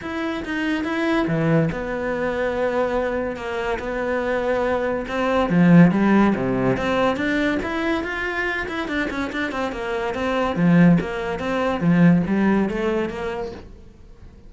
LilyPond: \new Staff \with { instrumentName = "cello" } { \time 4/4 \tempo 4 = 142 e'4 dis'4 e'4 e4 | b1 | ais4 b2. | c'4 f4 g4 c4 |
c'4 d'4 e'4 f'4~ | f'8 e'8 d'8 cis'8 d'8 c'8 ais4 | c'4 f4 ais4 c'4 | f4 g4 a4 ais4 | }